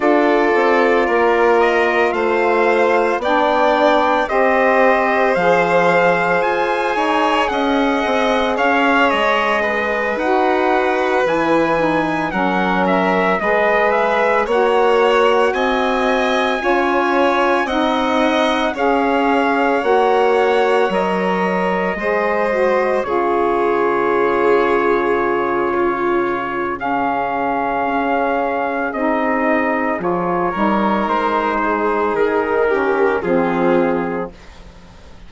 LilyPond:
<<
  \new Staff \with { instrumentName = "trumpet" } { \time 4/4 \tempo 4 = 56 d''4. dis''8 f''4 g''4 | dis''4 f''4 gis''4 fis''4 | f''8 dis''4 fis''4 gis''4 fis''8 | e''8 dis''8 e''8 fis''4 gis''4.~ |
gis''8 fis''4 f''4 fis''4 dis''8~ | dis''4. cis''2~ cis''8~ | cis''4 f''2 dis''4 | cis''4 c''4 ais'4 gis'4 | }
  \new Staff \with { instrumentName = "violin" } { \time 4/4 a'4 ais'4 c''4 d''4 | c''2~ c''8 cis''8 dis''4 | cis''4 b'2~ b'8 ais'8~ | ais'8 b'4 cis''4 dis''4 cis''8~ |
cis''8 dis''4 cis''2~ cis''8~ | cis''8 c''4 gis'2~ gis'8 | f'4 gis'2.~ | gis'8 ais'4 gis'4 g'8 f'4 | }
  \new Staff \with { instrumentName = "saxophone" } { \time 4/4 f'2. d'4 | g'4 gis'2.~ | gis'4. fis'4 e'8 dis'8 cis'8~ | cis'8 gis'4 fis'2 f'8~ |
f'8 dis'4 gis'4 fis'4 ais'8~ | ais'8 gis'8 fis'8 f'2~ f'8~ | f'4 cis'2 dis'4 | f'8 dis'2 cis'8 c'4 | }
  \new Staff \with { instrumentName = "bassoon" } { \time 4/4 d'8 c'8 ais4 a4 b4 | c'4 f4 f'8 dis'8 cis'8 c'8 | cis'8 gis4 dis'4 e4 fis8~ | fis8 gis4 ais4 c'4 cis'8~ |
cis'8 c'4 cis'4 ais4 fis8~ | fis8 gis4 cis2~ cis8~ | cis2 cis'4 c'4 | f8 g8 gis4 dis4 f4 | }
>>